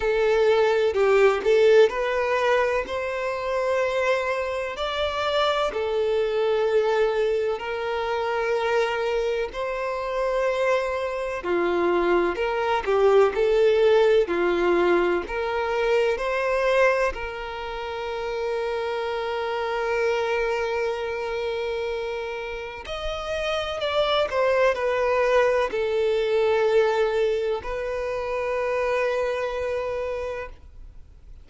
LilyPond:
\new Staff \with { instrumentName = "violin" } { \time 4/4 \tempo 4 = 63 a'4 g'8 a'8 b'4 c''4~ | c''4 d''4 a'2 | ais'2 c''2 | f'4 ais'8 g'8 a'4 f'4 |
ais'4 c''4 ais'2~ | ais'1 | dis''4 d''8 c''8 b'4 a'4~ | a'4 b'2. | }